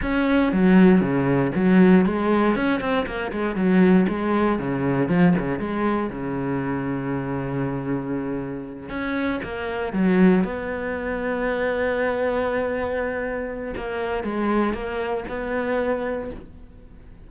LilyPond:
\new Staff \with { instrumentName = "cello" } { \time 4/4 \tempo 4 = 118 cis'4 fis4 cis4 fis4 | gis4 cis'8 c'8 ais8 gis8 fis4 | gis4 cis4 f8 cis8 gis4 | cis1~ |
cis4. cis'4 ais4 fis8~ | fis8 b2.~ b8~ | b2. ais4 | gis4 ais4 b2 | }